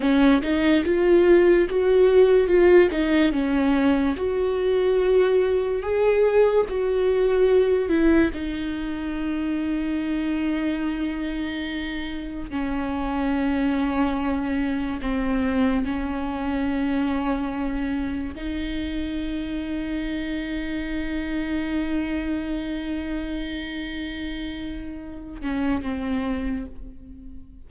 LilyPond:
\new Staff \with { instrumentName = "viola" } { \time 4/4 \tempo 4 = 72 cis'8 dis'8 f'4 fis'4 f'8 dis'8 | cis'4 fis'2 gis'4 | fis'4. e'8 dis'2~ | dis'2. cis'4~ |
cis'2 c'4 cis'4~ | cis'2 dis'2~ | dis'1~ | dis'2~ dis'8 cis'8 c'4 | }